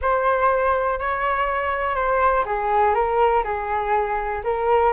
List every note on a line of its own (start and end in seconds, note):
0.01 0.99 C5
0.99 1.95 C#5
1.95 2.44 C5
2.45 2.94 G#4
2.94 3.43 A#4
3.43 4.42 G#4
4.44 4.92 A#4